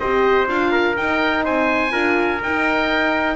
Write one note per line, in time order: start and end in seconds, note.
0.00 0.48 C4
0.00 0.48 G4
0.00 0.72 C5
0.00 0.48 D#5
0.48 0.96 D4
0.48 0.96 F4
0.48 0.97 F5
0.72 1.44 A#4
0.96 1.91 D#4
0.96 1.46 D#4
0.96 1.45 G5
1.44 1.94 C4
1.44 1.92 C5
1.44 2.42 G#5
1.91 2.42 D4
1.91 2.40 F4
1.91 3.37 A#4
2.43 3.37 D#4
2.43 3.37 G5